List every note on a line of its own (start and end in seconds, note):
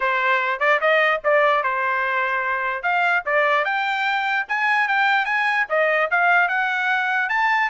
0.00 0.59 C5
0.59 0.79 D5
0.80 1.21 D#5
1.23 1.63 D5
1.63 2.82 C5
2.82 3.23 F5
3.25 3.64 D5
3.64 4.46 G5
4.48 4.88 G#5
4.88 5.25 G5
5.25 5.65 G#5
5.69 6.09 D#5
6.11 6.48 F5
6.48 7.29 F#5
7.29 7.70 A5